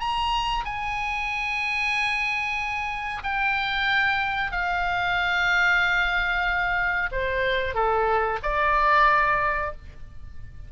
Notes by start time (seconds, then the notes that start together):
0.00 A#5
0.65 G#5
3.24 G5
4.52 F5
7.12 C5
7.74 A4
8.43 D5